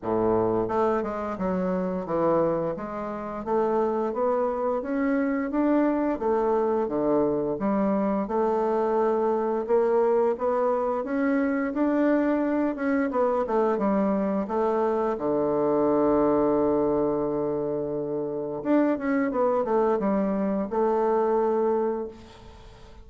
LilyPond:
\new Staff \with { instrumentName = "bassoon" } { \time 4/4 \tempo 4 = 87 a,4 a8 gis8 fis4 e4 | gis4 a4 b4 cis'4 | d'4 a4 d4 g4 | a2 ais4 b4 |
cis'4 d'4. cis'8 b8 a8 | g4 a4 d2~ | d2. d'8 cis'8 | b8 a8 g4 a2 | }